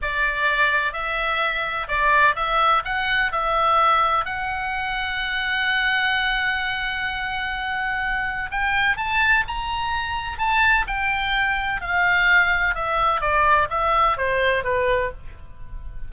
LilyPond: \new Staff \with { instrumentName = "oboe" } { \time 4/4 \tempo 4 = 127 d''2 e''2 | d''4 e''4 fis''4 e''4~ | e''4 fis''2.~ | fis''1~ |
fis''2 g''4 a''4 | ais''2 a''4 g''4~ | g''4 f''2 e''4 | d''4 e''4 c''4 b'4 | }